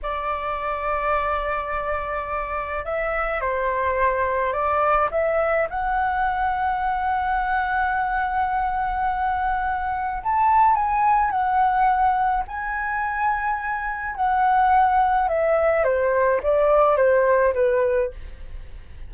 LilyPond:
\new Staff \with { instrumentName = "flute" } { \time 4/4 \tempo 4 = 106 d''1~ | d''4 e''4 c''2 | d''4 e''4 fis''2~ | fis''1~ |
fis''2 a''4 gis''4 | fis''2 gis''2~ | gis''4 fis''2 e''4 | c''4 d''4 c''4 b'4 | }